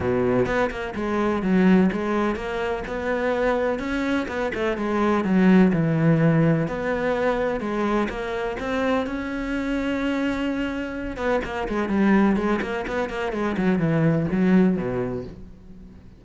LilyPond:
\new Staff \with { instrumentName = "cello" } { \time 4/4 \tempo 4 = 126 b,4 b8 ais8 gis4 fis4 | gis4 ais4 b2 | cis'4 b8 a8 gis4 fis4 | e2 b2 |
gis4 ais4 c'4 cis'4~ | cis'2.~ cis'8 b8 | ais8 gis8 g4 gis8 ais8 b8 ais8 | gis8 fis8 e4 fis4 b,4 | }